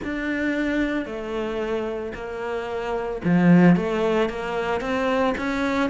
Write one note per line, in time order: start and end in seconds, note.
0.04 1.05 D4
1.05 2.12 A3
2.14 3.21 A#3
3.24 3.75 F3
3.75 4.29 A3
4.29 4.81 A#3
4.81 5.34 C4
5.37 5.90 C#4